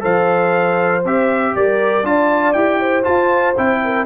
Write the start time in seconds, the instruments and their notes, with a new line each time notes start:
0.00 tuba F3, trombone A4, horn C5, trumpet F5
1.05 tuba C4, trombone G4, trumpet E5
1.55 tuba G3, horn A#4, trumpet D5
2.03 tuba D4, trombone F4, horn D5, trumpet A5
2.53 tuba E4, trombone G4, trumpet G5
2.80 horn C5
3.03 trombone F4, tuba F4, trumpet A5
3.57 tuba C4, trombone E4, trumpet G5
3.84 horn A#4